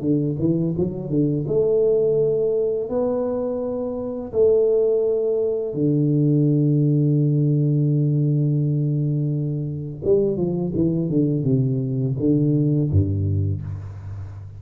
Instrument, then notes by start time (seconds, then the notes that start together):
tuba
0.00 D3
0.39 E3
0.77 F#3
1.09 D3
1.47 A3
2.89 B3
4.32 A3
5.73 D3
10.04 G3
10.36 F3
10.74 E3
11.09 D3
11.44 C3
12.19 D3
12.90 G2